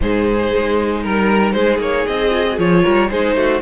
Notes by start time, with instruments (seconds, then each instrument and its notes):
0.01 cello G#2, viola D#4, violin G#4 C5
0.56 cello G#3
1.03 cello G3, violin A#4
1.52 cello G#3, violin G#4 C5
1.78 cello A#3, violin C#5
2.06 cello C4, violin D#5
2.30 viola F4
2.49 viola F#4
2.58 cello F3, viola F4, violin C#5
2.83 cello G3, violin A#4
3.10 cello G#3, viola D#4, violin G#4 C5
3.35 cello A3, violin F#4